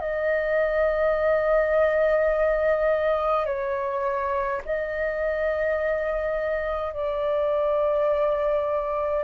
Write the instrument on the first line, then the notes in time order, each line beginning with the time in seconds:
flute
0.00 D#5
3.46 C#5
4.65 D#5
6.93 D5